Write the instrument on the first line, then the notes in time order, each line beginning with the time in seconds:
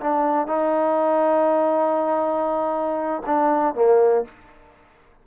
trombone
0.00 D4
0.47 D#4
3.26 D4
3.75 A#3